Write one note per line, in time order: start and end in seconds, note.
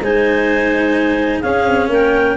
0.00 1.42 G#3
0.00 1.43 D#4
0.00 1.41 C5
0.00 1.41 G#5
1.41 2.36 C#4
1.41 1.67 C#4
1.41 1.89 G#4
1.41 1.88 F5
1.67 1.88 C4
1.88 2.36 A#3
1.88 2.36 A#4
1.88 2.36 G5